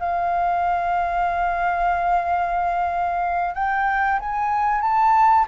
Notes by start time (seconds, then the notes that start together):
0.00 F5
3.55 G5
4.20 G#5
4.82 A5